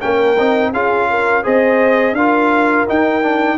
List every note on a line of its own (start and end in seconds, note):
0.00 0.38 A#3
0.00 0.36 C#4
0.00 0.71 A#4
0.00 0.72 G5
0.38 0.72 C4
0.38 0.74 D#4
0.72 1.44 C#4
0.72 1.43 F4
0.72 1.08 G#4
0.72 1.45 F5
1.10 1.43 A#4
1.43 2.12 C4
1.43 2.14 G#4
1.43 2.15 C5
1.43 2.15 D#5
2.12 2.84 D4
2.12 2.87 F4
2.12 3.58 A#4
2.12 2.86 F5
2.87 3.22 D#4
2.87 3.58 D#4
2.87 3.58 G5
3.22 3.58 D4